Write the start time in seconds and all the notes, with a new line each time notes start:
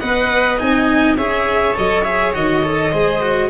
0.00 B3 B4 D#5 F#5
0.58 C4 D#4 G#5
1.16 C#4 G#4 C#5 E5
1.75 F#3 A4 D#5
2.04 G#4 E5
2.33 D#3 F#4 D#5
2.63 A4
2.91 G#3 G#4 C5
3.21 F#4